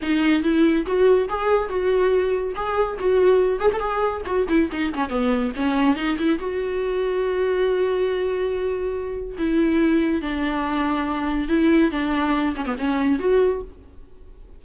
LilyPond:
\new Staff \with { instrumentName = "viola" } { \time 4/4 \tempo 4 = 141 dis'4 e'4 fis'4 gis'4 | fis'2 gis'4 fis'4~ | fis'8 gis'16 a'16 gis'4 fis'8 e'8 dis'8 cis'8 | b4 cis'4 dis'8 e'8 fis'4~ |
fis'1~ | fis'2 e'2 | d'2. e'4 | d'4. cis'16 b16 cis'4 fis'4 | }